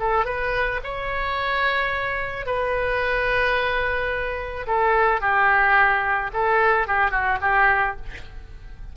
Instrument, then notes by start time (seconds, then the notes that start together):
oboe
0.00 A4
0.26 B4
0.84 C#5
2.46 B4
4.67 A4
5.21 G4
6.33 A4
6.88 G4
7.11 F#4
7.42 G4